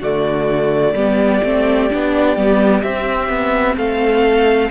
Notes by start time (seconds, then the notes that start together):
0.00 D3 A3 F#4 D5
0.94 G3 B3 G4
1.43 A3 C4
1.90 B3 D4
2.36 G3 B3
2.82 C4 E5
3.29 B3
3.77 A3 A4 F5